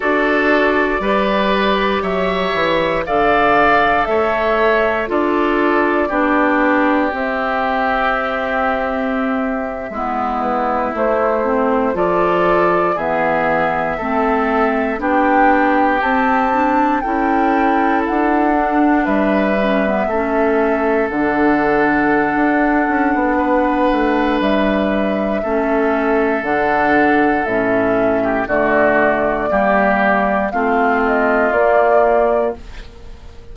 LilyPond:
<<
  \new Staff \with { instrumentName = "flute" } { \time 4/4 \tempo 4 = 59 d''2 e''4 f''4 | e''4 d''2 e''4~ | e''2~ e''16 b'8 c''4 d''16~ | d''8. e''2 g''4 a''16~ |
a''8. g''4 fis''4 e''4~ e''16~ | e''8. fis''2.~ fis''16 | e''2 fis''4 e''4 | d''2 f''8 dis''8 d''4 | }
  \new Staff \with { instrumentName = "oboe" } { \time 4/4 a'4 b'4 cis''4 d''4 | cis''4 a'4 g'2~ | g'4.~ g'16 e'2 a'16~ | a'8. gis'4 a'4 g'4~ g'16~ |
g'8. a'2 b'4 a'16~ | a'2. b'4~ | b'4 a'2~ a'8. g'16 | fis'4 g'4 f'2 | }
  \new Staff \with { instrumentName = "clarinet" } { \time 4/4 fis'4 g'2 a'4~ | a'4 f'4 d'4 c'4~ | c'4.~ c'16 b4 a8 c'8 f'16~ | f'8. b4 c'4 d'4 c'16~ |
c'16 d'8 e'4. d'4 cis'16 b16 cis'16~ | cis'8. d'2.~ d'16~ | d'4 cis'4 d'4 cis'4 | a4 ais4 c'4 ais4 | }
  \new Staff \with { instrumentName = "bassoon" } { \time 4/4 d'4 g4 fis8 e8 d4 | a4 d'4 b4 c'4~ | c'4.~ c'16 gis4 a4 f16~ | f8. e4 a4 b4 c'16~ |
c'8. cis'4 d'4 g4 a16~ | a8. d4~ d16 d'8 cis'16 b8. a8 | g4 a4 d4 a,4 | d4 g4 a4 ais4 | }
>>